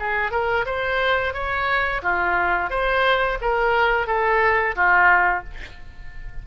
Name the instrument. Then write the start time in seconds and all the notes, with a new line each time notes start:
oboe
0.00 G#4
0.32 A#4
0.66 C5
1.34 C#5
2.03 F4
2.70 C5
3.42 A#4
4.07 A4
4.76 F4